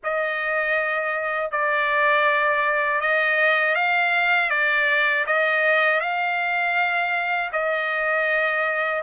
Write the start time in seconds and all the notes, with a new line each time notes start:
0.03 D#5
1.51 D5
3.00 D#5
3.75 F5
4.50 D5
5.26 D#5
6.00 F5
7.52 D#5